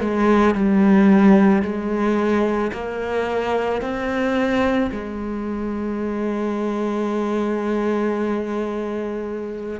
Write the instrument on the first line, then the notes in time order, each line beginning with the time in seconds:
cello
0.00 G#3
0.55 G3
1.63 G#3
2.73 A#3
3.81 C4
4.91 G#3